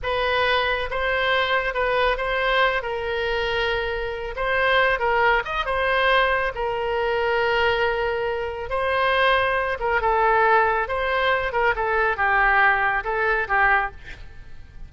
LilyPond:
\new Staff \with { instrumentName = "oboe" } { \time 4/4 \tempo 4 = 138 b'2 c''2 | b'4 c''4. ais'4.~ | ais'2 c''4. ais'8~ | ais'8 dis''8 c''2 ais'4~ |
ais'1 | c''2~ c''8 ais'8 a'4~ | a'4 c''4. ais'8 a'4 | g'2 a'4 g'4 | }